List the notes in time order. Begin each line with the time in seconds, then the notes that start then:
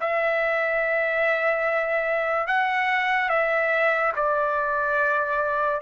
0.00 E5
2.47 F#5
3.29 E5
4.16 D5